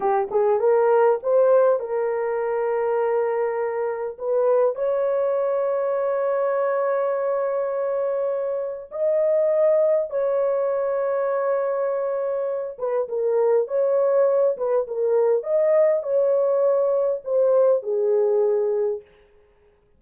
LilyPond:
\new Staff \with { instrumentName = "horn" } { \time 4/4 \tempo 4 = 101 g'8 gis'8 ais'4 c''4 ais'4~ | ais'2. b'4 | cis''1~ | cis''2. dis''4~ |
dis''4 cis''2.~ | cis''4. b'8 ais'4 cis''4~ | cis''8 b'8 ais'4 dis''4 cis''4~ | cis''4 c''4 gis'2 | }